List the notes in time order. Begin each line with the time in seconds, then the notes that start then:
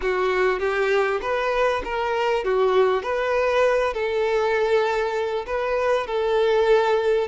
0.01 F#4
0.59 G4
1.21 B4
1.84 A#4
2.44 F#4
3.02 B4
3.93 A4
5.46 B4
6.06 A4